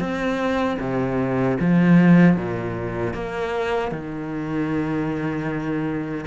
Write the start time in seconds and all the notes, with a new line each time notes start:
0.00 C4
0.80 C3
1.60 F3
2.37 A#2
3.14 A#3
3.91 D#3